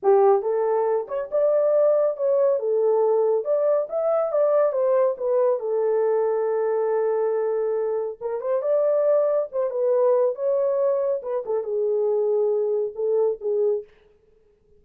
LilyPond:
\new Staff \with { instrumentName = "horn" } { \time 4/4 \tempo 4 = 139 g'4 a'4. cis''8 d''4~ | d''4 cis''4 a'2 | d''4 e''4 d''4 c''4 | b'4 a'2.~ |
a'2. ais'8 c''8 | d''2 c''8 b'4. | cis''2 b'8 a'8 gis'4~ | gis'2 a'4 gis'4 | }